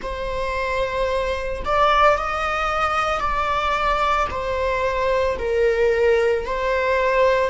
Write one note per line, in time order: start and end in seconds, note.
0.02 1.63 C5
1.64 2.17 D5
2.17 3.19 D#5
3.19 4.27 D5
4.30 5.37 C5
5.38 6.45 A#4
6.45 7.49 C5